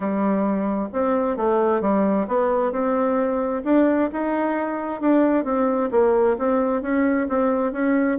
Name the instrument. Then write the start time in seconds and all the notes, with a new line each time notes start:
bassoon
0.00 G3
0.93 C4
1.36 A3
1.81 G3
2.27 B3
2.71 C4
3.64 D4
4.12 D#4
5.01 D4
5.44 C4
5.91 A#3
6.38 C4
6.82 C#4
7.28 C4
7.72 C#4